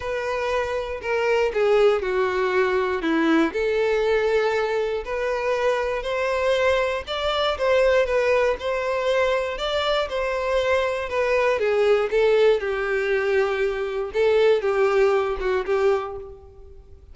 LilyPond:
\new Staff \with { instrumentName = "violin" } { \time 4/4 \tempo 4 = 119 b'2 ais'4 gis'4 | fis'2 e'4 a'4~ | a'2 b'2 | c''2 d''4 c''4 |
b'4 c''2 d''4 | c''2 b'4 gis'4 | a'4 g'2. | a'4 g'4. fis'8 g'4 | }